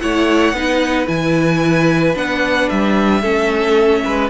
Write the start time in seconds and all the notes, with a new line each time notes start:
0.00 A3 E4 C#5 F#5
0.52 B3 D#4 B4
1.05 E3 E4 G#5
2.14 B3 D4 F#5
2.69 G3 E5
3.21 A3 C#4 A4
4.04 G#3 B4